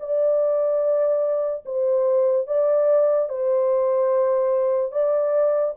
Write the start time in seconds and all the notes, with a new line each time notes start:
0.00 D5
1.66 C5
2.47 D5
3.30 C5
4.92 D5